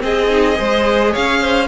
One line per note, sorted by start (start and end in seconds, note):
0.00 0.28 C4
0.00 0.59 C4
0.00 0.58 G#4
0.00 1.14 D#5
0.30 0.54 D#4
0.54 1.15 G#3
0.54 1.66 G#4
0.54 1.12 C5
1.12 1.67 C#4
1.12 1.40 C#5
1.12 1.67 F5
1.40 1.67 C5